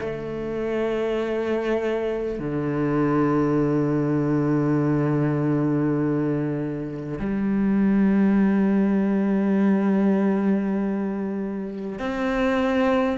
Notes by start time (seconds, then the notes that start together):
0.00 A3
2.39 D3
7.19 G3
11.99 C4